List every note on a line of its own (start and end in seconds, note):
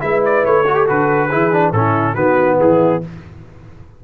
0.00 0.45 G#3
0.00 0.64 E4
0.00 0.67 B4
0.00 0.22 E5
0.25 0.45 D5
0.45 0.88 A3
0.45 0.88 C#5
0.67 0.75 F#4
0.67 1.29 A4
0.75 0.86 G4
0.86 1.33 D3
0.86 1.29 F#4
0.86 1.72 B4
1.29 1.71 E3
1.29 1.52 E4
1.29 1.72 G#4
1.52 1.73 D4
1.71 2.14 A2
1.71 2.16 C#4
1.71 2.14 E4
1.71 2.15 A4
2.14 2.58 D#3
2.14 3.02 B3
2.14 2.57 F#4
2.14 2.57 B4
2.60 3.04 E3
2.60 3.03 E4
2.60 3.03 G#4